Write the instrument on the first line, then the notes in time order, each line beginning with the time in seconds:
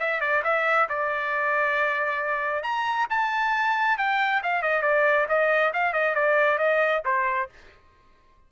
trumpet
0.00 E5
0.21 D5
0.44 E5
0.89 D5
2.63 A#5
3.10 A5
3.98 G5
4.43 F5
4.62 D#5
4.82 D5
5.29 D#5
5.74 F5
5.93 D#5
6.15 D5
6.58 D#5
7.05 C5